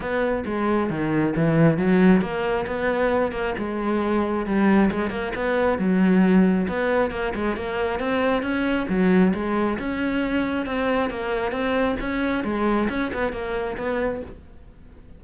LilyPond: \new Staff \with { instrumentName = "cello" } { \time 4/4 \tempo 4 = 135 b4 gis4 dis4 e4 | fis4 ais4 b4. ais8 | gis2 g4 gis8 ais8 | b4 fis2 b4 |
ais8 gis8 ais4 c'4 cis'4 | fis4 gis4 cis'2 | c'4 ais4 c'4 cis'4 | gis4 cis'8 b8 ais4 b4 | }